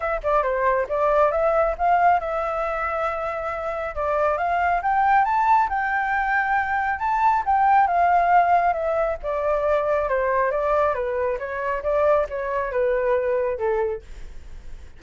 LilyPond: \new Staff \with { instrumentName = "flute" } { \time 4/4 \tempo 4 = 137 e''8 d''8 c''4 d''4 e''4 | f''4 e''2.~ | e''4 d''4 f''4 g''4 | a''4 g''2. |
a''4 g''4 f''2 | e''4 d''2 c''4 | d''4 b'4 cis''4 d''4 | cis''4 b'2 a'4 | }